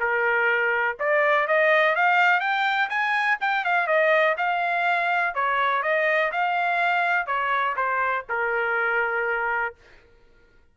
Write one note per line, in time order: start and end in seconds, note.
0.00 0.98 A#4
0.99 1.47 D5
1.47 1.96 D#5
1.96 2.40 F5
2.40 2.89 G5
2.89 3.38 G#5
3.41 3.65 G5
3.65 3.87 F5
3.87 4.36 D#5
4.38 5.35 F5
5.35 5.83 C#5
5.83 6.31 D#5
6.32 7.27 F5
7.27 7.76 C#5
7.76 8.25 C5
8.29 9.75 A#4